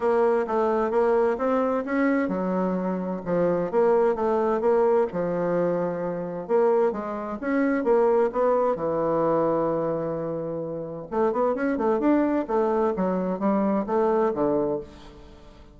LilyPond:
\new Staff \with { instrumentName = "bassoon" } { \time 4/4 \tempo 4 = 130 ais4 a4 ais4 c'4 | cis'4 fis2 f4 | ais4 a4 ais4 f4~ | f2 ais4 gis4 |
cis'4 ais4 b4 e4~ | e1 | a8 b8 cis'8 a8 d'4 a4 | fis4 g4 a4 d4 | }